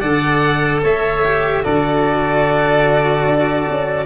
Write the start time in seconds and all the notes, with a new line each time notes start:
0.00 D3 A4 D5 F#5
0.83 A3 C#5 E5
1.24 G4
1.63 D3 F#4 A4 D5
3.25 D4
3.70 C#4